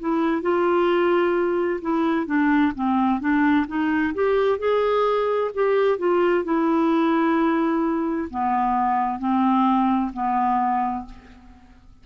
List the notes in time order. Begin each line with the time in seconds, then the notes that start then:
0.00 E4
0.42 F4
1.82 E4
2.27 D4
2.75 C4
3.21 D4
3.68 D#4
4.15 G4
4.59 G#4
5.54 G4
5.98 F4
6.44 E4
8.30 B3
9.19 C4
10.13 B3